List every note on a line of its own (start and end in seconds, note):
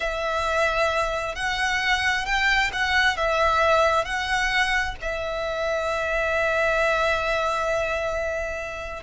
0.00 1.35 E5
1.35 2.25 F#5
2.25 2.70 G5
2.73 3.16 F#5
3.16 4.05 E5
4.05 4.95 F#5
5.01 9.03 E5